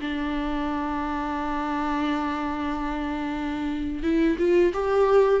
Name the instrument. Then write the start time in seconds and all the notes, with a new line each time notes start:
viola
0.00 D4
4.02 E4
4.38 F4
4.73 G4